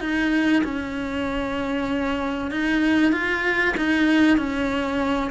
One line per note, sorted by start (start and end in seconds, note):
0.00 0.62 D#4
0.63 2.51 C#4
2.51 3.12 D#4
3.12 3.74 F4
3.76 4.37 D#4
4.37 5.31 C#4